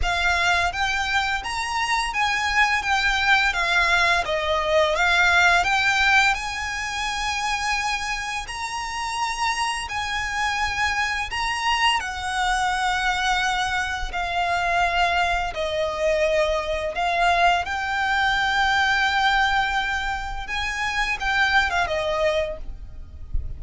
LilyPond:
\new Staff \with { instrumentName = "violin" } { \time 4/4 \tempo 4 = 85 f''4 g''4 ais''4 gis''4 | g''4 f''4 dis''4 f''4 | g''4 gis''2. | ais''2 gis''2 |
ais''4 fis''2. | f''2 dis''2 | f''4 g''2.~ | g''4 gis''4 g''8. f''16 dis''4 | }